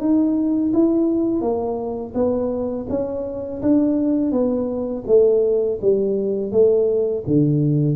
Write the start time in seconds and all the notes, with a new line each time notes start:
0.00 D#4
0.73 E4
1.41 A#3
2.14 B3
2.89 C#4
3.62 D4
4.31 B3
5.07 A3
5.82 G3
6.51 A3
7.27 D3